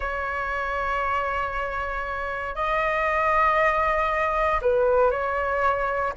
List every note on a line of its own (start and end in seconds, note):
0.00 2.55 C#5
2.55 4.60 D#5
4.61 5.10 B4
5.10 6.13 C#5